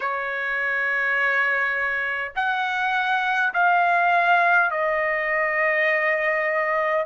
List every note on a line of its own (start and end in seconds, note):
0.00 2.32 C#5
2.35 3.53 F#5
3.53 4.71 F5
4.71 7.06 D#5